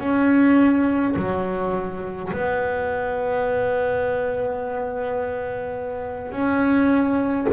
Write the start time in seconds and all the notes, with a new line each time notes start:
0.00 C#4
1.16 F#3
2.33 B3
6.32 C#4